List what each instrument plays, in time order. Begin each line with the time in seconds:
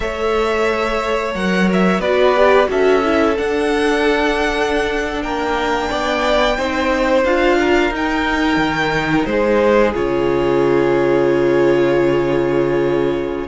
0.00 cello A3, viola A4, violin C#5 E5
1.34 cello F#3, viola A#4, violin F#5
1.72 violin E5
1.99 cello B3, viola F#4, violin B4 D5
2.35 viola G4
2.67 cello C#4, viola F#4, violin A4 E5
3.04 viola E4
3.36 viola D4, cello D4, violin F#5
5.22 cello A#3, violin A#4 G5
5.89 cello B3, violin D5
6.57 cello C4, viola D#4, violin C5
7.24 cello D4, viola F4, violin F5
7.59 violin A#4
7.90 cello D#4, viola D#4, violin G5
8.56 cello D#3
9.25 cello G#3, violin G#4 C5
9.93 cello C#3, viola F4, violin C#5